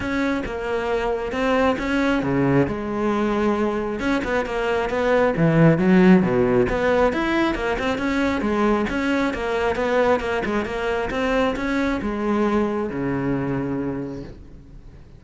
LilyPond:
\new Staff \with { instrumentName = "cello" } { \time 4/4 \tempo 4 = 135 cis'4 ais2 c'4 | cis'4 cis4 gis2~ | gis4 cis'8 b8 ais4 b4 | e4 fis4 b,4 b4 |
e'4 ais8 c'8 cis'4 gis4 | cis'4 ais4 b4 ais8 gis8 | ais4 c'4 cis'4 gis4~ | gis4 cis2. | }